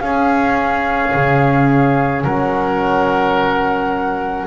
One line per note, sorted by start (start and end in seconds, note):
0.00 1.13 C#4
0.00 2.24 G#4
0.00 2.22 F5
0.06 4.47 C#4
1.14 2.24 C#3
2.24 4.47 F#3
2.24 4.46 A#4
2.24 4.47 F#5